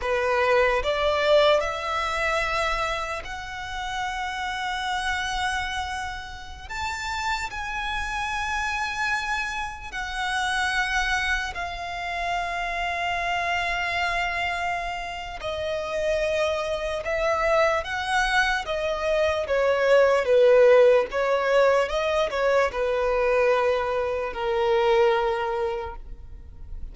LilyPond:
\new Staff \with { instrumentName = "violin" } { \time 4/4 \tempo 4 = 74 b'4 d''4 e''2 | fis''1~ | fis''16 a''4 gis''2~ gis''8.~ | gis''16 fis''2 f''4.~ f''16~ |
f''2. dis''4~ | dis''4 e''4 fis''4 dis''4 | cis''4 b'4 cis''4 dis''8 cis''8 | b'2 ais'2 | }